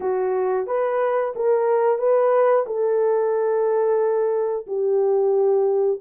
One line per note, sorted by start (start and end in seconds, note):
0.00 0.66 F#4
0.66 1.33 B4
1.35 1.98 A#4
1.98 2.65 B4
2.66 4.66 A4
4.66 6.00 G4